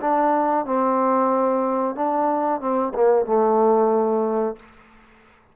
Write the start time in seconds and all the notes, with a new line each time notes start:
0.00 D4
0.65 C4
1.95 D4
2.60 C4
2.94 A#3
3.25 A3